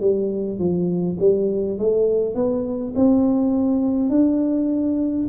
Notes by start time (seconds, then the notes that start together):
0.00 G3
0.58 F3
1.19 G3
1.78 A3
2.34 B3
2.95 C4
4.09 D4